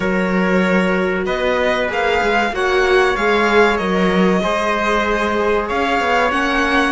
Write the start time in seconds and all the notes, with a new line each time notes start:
0.00 F#3 F#4 A#4 C#5
1.26 B3 B4 D#5
1.87 A#3 G#4 F5
2.22 G#3
2.52 A#3 F#4 C#5 F#5
3.16 G#3 G#4 F5
3.77 F#3 A#4 D#5
4.42 G#3 G#4 C5
5.67 C#4 C#5 F5
6.00 B3
6.31 A#3 C#4 F#5